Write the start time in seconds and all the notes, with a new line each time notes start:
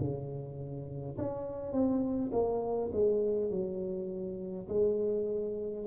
0.00 C#3
1.18 C#4
1.72 C4
2.32 A#3
2.93 G#3
3.50 F#3
4.68 G#3